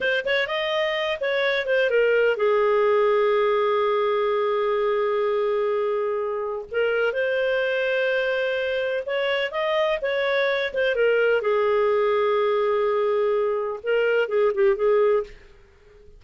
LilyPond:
\new Staff \with { instrumentName = "clarinet" } { \time 4/4 \tempo 4 = 126 c''8 cis''8 dis''4. cis''4 c''8 | ais'4 gis'2.~ | gis'1~ | gis'2 ais'4 c''4~ |
c''2. cis''4 | dis''4 cis''4. c''8 ais'4 | gis'1~ | gis'4 ais'4 gis'8 g'8 gis'4 | }